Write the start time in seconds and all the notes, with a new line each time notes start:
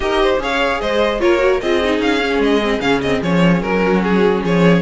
0.00 D#4 G4 A#4 D#5
0.22 C5
0.38 C#4 G#4 C#5 F5
0.80 G#3 C5 D#5
1.20 A#3 F4 A#4 C#5
1.38 F#4
1.60 C4 F4 G#4 D#5
1.83 D#4
1.99 C#4 F5
2.19 C#4
2.38 G#3 D#5
2.62 C4
2.80 C#3 C#4 F5
3.01 C4 D#5
3.22 F3 C#4 C#5
3.61 F#3 A#4
3.83 F#4
4.03 G#4
4.43 F3 G#4 C#5